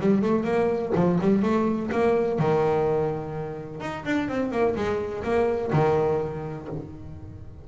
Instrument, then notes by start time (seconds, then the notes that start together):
double bass
0.00 G3
0.22 A3
0.44 A#3
0.95 F3
1.21 G3
1.43 A3
1.92 A#3
2.39 D#3
3.81 D#4
4.06 D4
4.29 C4
4.52 A#3
4.76 G#3
5.24 A#3
5.73 D#3